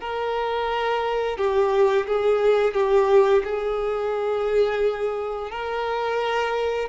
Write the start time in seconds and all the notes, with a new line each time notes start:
0.00 A#4
1.37 G4
2.06 G#4
2.73 G4
3.44 G#4
5.50 A#4